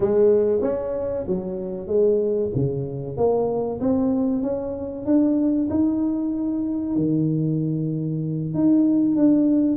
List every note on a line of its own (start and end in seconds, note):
0.00 0.61 G#3
0.61 1.24 C#4
1.27 1.87 F#3
1.87 2.50 G#3
2.55 3.16 C#3
3.16 3.80 A#3
3.80 4.42 C4
4.42 5.05 C#4
5.05 5.68 D4
5.70 6.96 D#4
6.96 8.53 D#3
8.54 9.15 D#4
9.15 9.77 D4